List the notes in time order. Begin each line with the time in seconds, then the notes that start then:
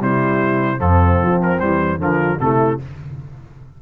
0.00 C3 G3 E4 C5
0.78 F2 F3 C4 A4
1.23 F3
1.42 A#4
1.59 E3 G3 C5
1.98 D3 F3 F4 A#4
2.39 C3 A3 E4 A4